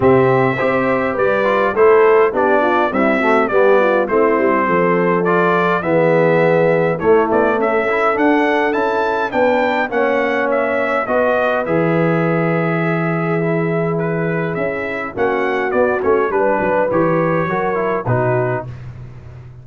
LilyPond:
<<
  \new Staff \with { instrumentName = "trumpet" } { \time 4/4 \tempo 4 = 103 e''2 d''4 c''4 | d''4 e''4 d''4 c''4~ | c''4 d''4 e''2 | cis''8 d''8 e''4 fis''4 a''4 |
g''4 fis''4 e''4 dis''4 | e''1 | b'4 e''4 fis''4 d''8 cis''8 | b'4 cis''2 b'4 | }
  \new Staff \with { instrumentName = "horn" } { \time 4/4 g'4 c''4 b'4 a'4 | g'8 f'8 e'8 fis'8 g'8 f'8 e'4 | a'2 gis'2 | e'4 a'2. |
b'4 cis''2 b'4~ | b'2 gis'2~ | gis'2 fis'2 | b'2 ais'4 fis'4 | }
  \new Staff \with { instrumentName = "trombone" } { \time 4/4 c'4 g'4. f'8 e'4 | d'4 g8 a8 b4 c'4~ | c'4 f'4 b2 | a4. e'8 d'4 e'4 |
d'4 cis'2 fis'4 | gis'2. e'4~ | e'2 cis'4 b8 cis'8 | d'4 g'4 fis'8 e'8 dis'4 | }
  \new Staff \with { instrumentName = "tuba" } { \time 4/4 c4 c'4 g4 a4 | b4 c'4 g4 a8 g8 | f2 e2 | a8 b8 cis'4 d'4 cis'4 |
b4 ais2 b4 | e1~ | e4 cis'4 ais4 b8 a8 | g8 fis8 e4 fis4 b,4 | }
>>